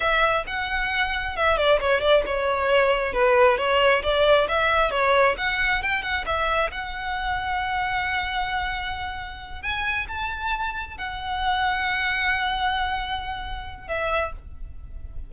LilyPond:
\new Staff \with { instrumentName = "violin" } { \time 4/4 \tempo 4 = 134 e''4 fis''2 e''8 d''8 | cis''8 d''8 cis''2 b'4 | cis''4 d''4 e''4 cis''4 | fis''4 g''8 fis''8 e''4 fis''4~ |
fis''1~ | fis''4. gis''4 a''4.~ | a''8 fis''2.~ fis''8~ | fis''2. e''4 | }